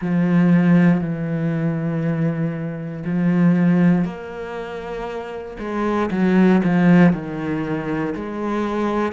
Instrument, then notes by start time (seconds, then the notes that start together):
cello
0.01 F3
1.00 E3
3.04 F3
4.04 A#3
5.59 G#3
6.11 F#3
6.64 F3
7.12 D#3
8.15 G#3